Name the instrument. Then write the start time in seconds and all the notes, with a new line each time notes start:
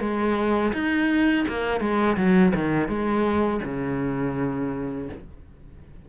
cello
0.00 G#3
0.73 D#4
1.48 A#3
1.80 G#3
2.17 F#3
2.55 D#3
2.88 G#3
3.64 C#3